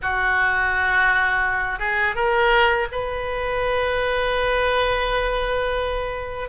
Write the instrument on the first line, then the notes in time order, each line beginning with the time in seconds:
oboe
0.02 F#4
1.79 G#4
2.15 A#4
2.91 B4